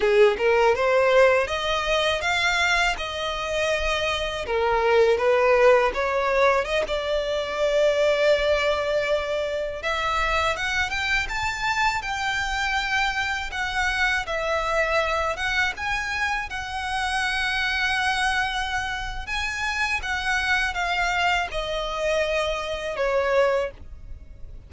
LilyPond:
\new Staff \with { instrumentName = "violin" } { \time 4/4 \tempo 4 = 81 gis'8 ais'8 c''4 dis''4 f''4 | dis''2 ais'4 b'4 | cis''4 dis''16 d''2~ d''8.~ | d''4~ d''16 e''4 fis''8 g''8 a''8.~ |
a''16 g''2 fis''4 e''8.~ | e''8. fis''8 gis''4 fis''4.~ fis''16~ | fis''2 gis''4 fis''4 | f''4 dis''2 cis''4 | }